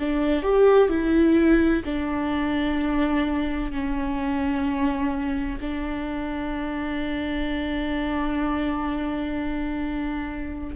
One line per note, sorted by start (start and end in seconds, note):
0.00 0.43 D4
0.43 0.89 G4
0.89 1.83 E4
1.85 3.72 D4
3.72 5.59 C#4
5.61 10.76 D4